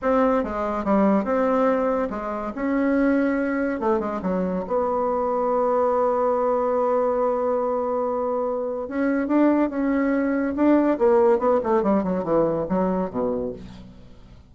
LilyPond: \new Staff \with { instrumentName = "bassoon" } { \time 4/4 \tempo 4 = 142 c'4 gis4 g4 c'4~ | c'4 gis4 cis'2~ | cis'4 a8 gis8 fis4 b4~ | b1~ |
b1~ | b4 cis'4 d'4 cis'4~ | cis'4 d'4 ais4 b8 a8 | g8 fis8 e4 fis4 b,4 | }